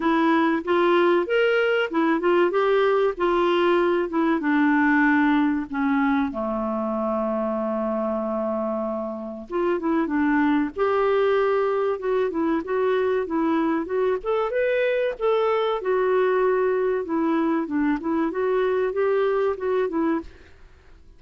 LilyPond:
\new Staff \with { instrumentName = "clarinet" } { \time 4/4 \tempo 4 = 95 e'4 f'4 ais'4 e'8 f'8 | g'4 f'4. e'8 d'4~ | d'4 cis'4 a2~ | a2. f'8 e'8 |
d'4 g'2 fis'8 e'8 | fis'4 e'4 fis'8 a'8 b'4 | a'4 fis'2 e'4 | d'8 e'8 fis'4 g'4 fis'8 e'8 | }